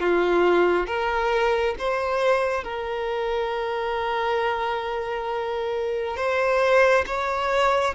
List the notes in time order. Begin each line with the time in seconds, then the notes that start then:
0.00 F4
0.87 A#4
1.79 C5
2.64 A#4
6.17 C5
7.07 C#5